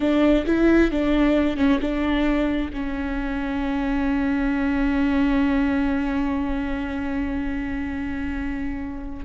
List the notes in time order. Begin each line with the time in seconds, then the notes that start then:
0.00 D4
0.46 E4
0.91 D4
1.57 C#4
1.80 D4
2.73 C#4